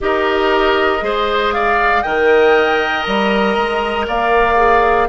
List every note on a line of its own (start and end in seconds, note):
0.00 1.01 D#4
0.00 0.99 G4
0.00 1.04 A#4
0.00 1.53 D#5
0.99 2.03 G#3
0.99 2.01 G#4
0.99 1.54 C5
1.53 2.02 D5
1.53 2.02 F5
2.02 3.06 D#3
2.02 4.56 A#4
2.02 4.06 D#5
2.02 3.02 G5
3.02 3.56 G3
3.02 4.04 A#5
3.56 4.07 G#3
4.07 5.08 A#3
4.07 5.08 D5
4.07 5.08 F5
4.56 5.07 G#4